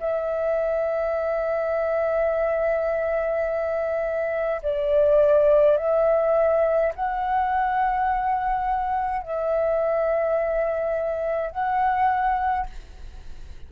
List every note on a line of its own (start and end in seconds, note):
0.00 4.62 E5
4.63 5.78 D5
5.78 6.93 E5
6.95 9.23 F#5
9.23 11.51 E5
11.51 12.67 F#5